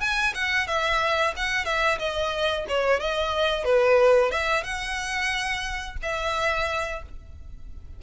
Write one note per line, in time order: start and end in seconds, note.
0.00 0.33 G#5
0.34 0.67 F#5
0.67 1.34 E5
1.36 1.65 F#5
1.65 1.98 E5
1.98 2.65 D#5
2.68 2.99 C#5
2.99 3.64 D#5
3.64 4.31 B4
4.31 4.63 E5
4.63 5.97 F#5
6.02 7.02 E5